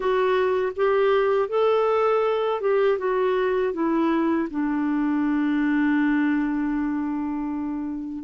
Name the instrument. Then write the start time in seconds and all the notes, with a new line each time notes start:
clarinet
0.00 F#4
0.76 G4
1.49 A4
2.60 G4
2.98 F#4
3.73 E4
4.50 D4